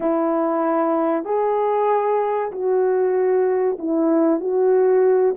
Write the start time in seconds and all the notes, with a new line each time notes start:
0.00 E4
1.25 G#4
2.51 F#4
3.79 E4
4.40 F#4